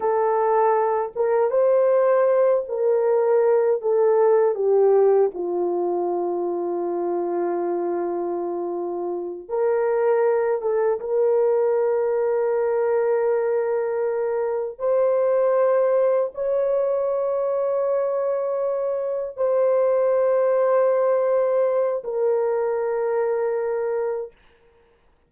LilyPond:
\new Staff \with { instrumentName = "horn" } { \time 4/4 \tempo 4 = 79 a'4. ais'8 c''4. ais'8~ | ais'4 a'4 g'4 f'4~ | f'1~ | f'8 ais'4. a'8 ais'4.~ |
ais'2.~ ais'8 c''8~ | c''4. cis''2~ cis''8~ | cis''4. c''2~ c''8~ | c''4 ais'2. | }